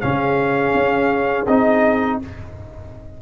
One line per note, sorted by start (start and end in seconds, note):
0.00 0.74 C#3
0.00 1.46 C#4
0.00 2.21 G#4
0.00 1.45 F5
0.74 1.46 C#4
1.47 2.20 C4
1.47 2.22 D#4
1.47 2.19 D#5